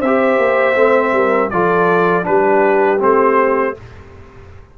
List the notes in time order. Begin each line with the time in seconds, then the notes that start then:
0.00 C4 C5 E5
0.06 G4
0.38 A#3
0.75 A3 C4
1.13 G3 A#4
1.50 F3 F4 A4 D5
2.23 G3 D4 G4 B4
3.00 A3 C4 C5